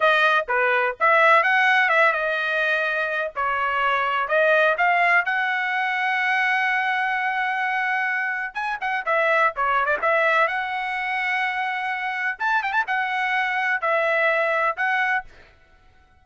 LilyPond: \new Staff \with { instrumentName = "trumpet" } { \time 4/4 \tempo 4 = 126 dis''4 b'4 e''4 fis''4 | e''8 dis''2~ dis''8 cis''4~ | cis''4 dis''4 f''4 fis''4~ | fis''1~ |
fis''2 gis''8 fis''8 e''4 | cis''8. d''16 e''4 fis''2~ | fis''2 a''8 g''16 a''16 fis''4~ | fis''4 e''2 fis''4 | }